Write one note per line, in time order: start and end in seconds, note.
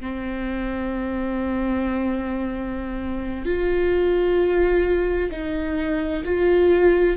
0.00 3.45 C4
3.45 5.30 F4
5.30 6.23 D#4
6.24 7.16 F4